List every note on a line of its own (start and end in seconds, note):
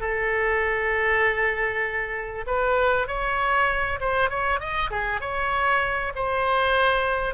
0.00 2.45 A4
2.47 3.08 B4
3.08 3.99 C#5
4.00 4.30 C5
4.30 4.60 C#5
4.60 4.90 D#5
4.91 5.21 G#4
5.21 6.13 C#5
6.16 7.34 C5